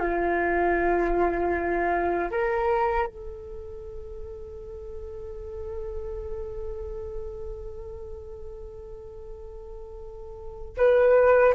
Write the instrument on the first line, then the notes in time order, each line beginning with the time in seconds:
flute
0.00 F4
2.31 A#4
3.07 A4
10.78 B4